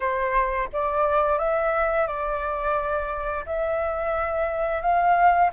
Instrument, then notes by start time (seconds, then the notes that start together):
flute
0.00 C5
0.72 D5
1.38 E5
2.07 D5
3.45 E5
4.81 F5